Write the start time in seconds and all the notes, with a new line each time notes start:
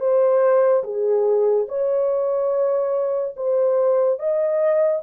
0.00 C5
0.84 G#4
1.69 C#5
3.36 C5
4.19 D#5